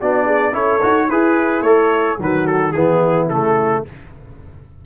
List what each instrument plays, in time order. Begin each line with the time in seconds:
0.00 tuba B3, trombone D4, horn F#4, trumpet D5
0.25 horn G#4
0.53 tuba C#4, trombone E4, horn A4, trumpet C#5
0.82 tuba D#4, trombone F#4
1.09 tuba E4, horn E4, trombone G#4, trumpet B4
1.61 tuba A3, trombone A4, trumpet C#5
2.19 tuba D#3, trombone F#3, horn F#4, trumpet B4
2.47 trumpet A4
2.72 tuba E3, trombone B3, horn E4, trumpet G#4
3.29 tuba C#3, trombone A3, trumpet A4